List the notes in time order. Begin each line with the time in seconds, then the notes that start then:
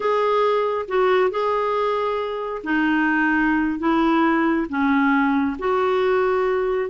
0.00 G#4
0.87 F#4
1.30 G#4
2.63 D#4
3.79 E4
4.69 C#4
5.58 F#4